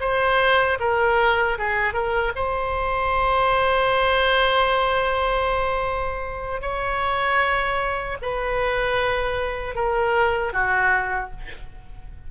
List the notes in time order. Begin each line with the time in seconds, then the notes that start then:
0.00 C5
0.79 A#4
1.58 G#4
1.93 A#4
2.35 C5
6.61 C#5
8.21 B4
9.75 A#4
10.53 F#4